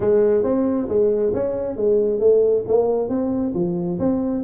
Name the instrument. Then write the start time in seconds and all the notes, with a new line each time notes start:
tuba
0.00 G#3
0.43 C4
0.88 G#3
1.34 C#4
1.76 G#3
2.19 A3
2.67 A#3
3.08 C4
3.54 F3
3.99 C4